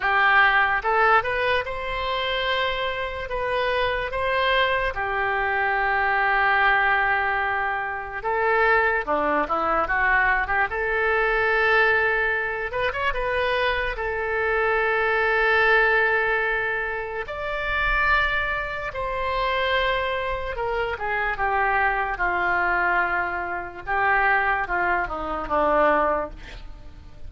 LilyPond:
\new Staff \with { instrumentName = "oboe" } { \time 4/4 \tempo 4 = 73 g'4 a'8 b'8 c''2 | b'4 c''4 g'2~ | g'2 a'4 d'8 e'8 | fis'8. g'16 a'2~ a'8 b'16 cis''16 |
b'4 a'2.~ | a'4 d''2 c''4~ | c''4 ais'8 gis'8 g'4 f'4~ | f'4 g'4 f'8 dis'8 d'4 | }